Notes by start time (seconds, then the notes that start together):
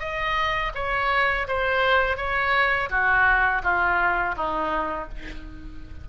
0.00 D#5
0.75 C#5
1.48 C5
2.17 C#5
2.90 F#4
3.63 F4
4.37 D#4